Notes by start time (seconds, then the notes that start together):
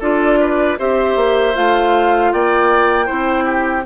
0.00 D4 F4 A4 D5
0.40 B4
0.78 C4 G4 C5 E5
1.16 A#3
1.55 A3 F4 F5
2.32 A#3 D5 G5
3.06 C4 E4 C5
3.44 G4